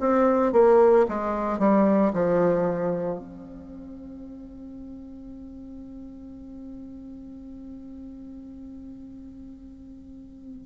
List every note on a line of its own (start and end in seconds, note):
0.00 0.53 C4
0.53 1.06 A#3
1.09 1.59 G#3
1.59 2.13 G3
2.13 3.19 F3
3.19 10.67 C4